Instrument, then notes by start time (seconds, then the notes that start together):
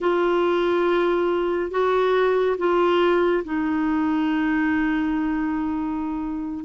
clarinet
0.00 F4
1.71 F#4
2.58 F4
3.44 D#4